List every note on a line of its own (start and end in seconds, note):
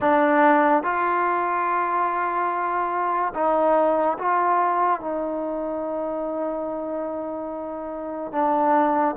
0.00 0.83 D4
0.83 3.33 F4
3.34 4.17 D#4
4.18 5.00 F4
5.00 8.32 D#4
8.32 9.15 D4